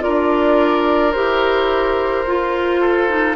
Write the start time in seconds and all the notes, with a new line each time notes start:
0.00 D4 F4 A#4 D5
1.12 E4 G4 C5
2.27 F4
2.81 A4
3.08 D#4